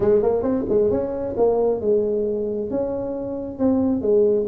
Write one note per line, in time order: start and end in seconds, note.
0.00 0.22 G#3
0.22 0.42 A#3
0.42 0.65 C4
0.68 0.90 G#3
0.90 1.35 C#4
1.36 1.81 A#3
1.81 2.70 G#3
2.70 3.58 C#4
3.58 4.01 C4
4.01 4.46 G#3